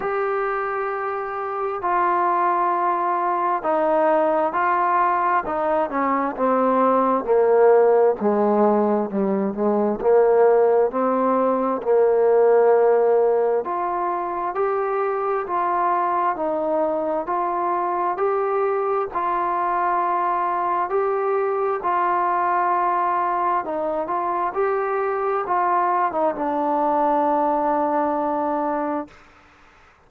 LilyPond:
\new Staff \with { instrumentName = "trombone" } { \time 4/4 \tempo 4 = 66 g'2 f'2 | dis'4 f'4 dis'8 cis'8 c'4 | ais4 gis4 g8 gis8 ais4 | c'4 ais2 f'4 |
g'4 f'4 dis'4 f'4 | g'4 f'2 g'4 | f'2 dis'8 f'8 g'4 | f'8. dis'16 d'2. | }